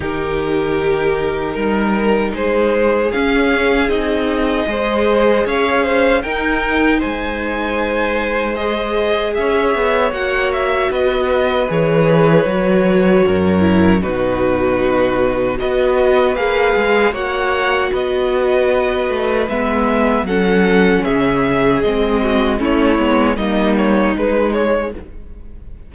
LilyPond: <<
  \new Staff \with { instrumentName = "violin" } { \time 4/4 \tempo 4 = 77 ais'2. c''4 | f''4 dis''2 f''4 | g''4 gis''2 dis''4 | e''4 fis''8 e''8 dis''4 cis''4~ |
cis''2 b'2 | dis''4 f''4 fis''4 dis''4~ | dis''4 e''4 fis''4 e''4 | dis''4 cis''4 dis''8 cis''8 b'8 cis''8 | }
  \new Staff \with { instrumentName = "violin" } { \time 4/4 g'2 ais'4 gis'4~ | gis'2 c''4 cis''8 c''8 | ais'4 c''2. | cis''2 b'2~ |
b'4 ais'4 fis'2 | b'2 cis''4 b'4~ | b'2 a'4 gis'4~ | gis'8 fis'8 e'4 dis'2 | }
  \new Staff \with { instrumentName = "viola" } { \time 4/4 dis'1 | cis'4 dis'4 gis'2 | dis'2. gis'4~ | gis'4 fis'2 gis'4 |
fis'4. e'8 dis'2 | fis'4 gis'4 fis'2~ | fis'4 b4 cis'2 | c'4 cis'8 b8 ais4 gis4 | }
  \new Staff \with { instrumentName = "cello" } { \time 4/4 dis2 g4 gis4 | cis'4 c'4 gis4 cis'4 | dis'4 gis2. | cis'8 b8 ais4 b4 e4 |
fis4 fis,4 b,2 | b4 ais8 gis8 ais4 b4~ | b8 a8 gis4 fis4 cis4 | gis4 a8 gis8 g4 gis4 | }
>>